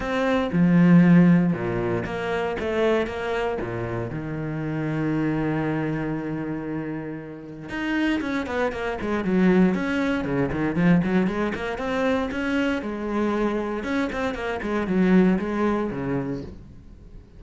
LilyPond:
\new Staff \with { instrumentName = "cello" } { \time 4/4 \tempo 4 = 117 c'4 f2 ais,4 | ais4 a4 ais4 ais,4 | dis1~ | dis2. dis'4 |
cis'8 b8 ais8 gis8 fis4 cis'4 | cis8 dis8 f8 fis8 gis8 ais8 c'4 | cis'4 gis2 cis'8 c'8 | ais8 gis8 fis4 gis4 cis4 | }